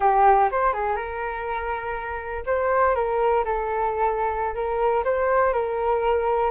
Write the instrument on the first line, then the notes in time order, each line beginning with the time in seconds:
flute
0.00 G4
0.51 C5
0.73 G#4
0.95 A#4
2.45 C5
2.95 A#4
3.44 A4
4.54 A#4
5.04 C5
5.53 A#4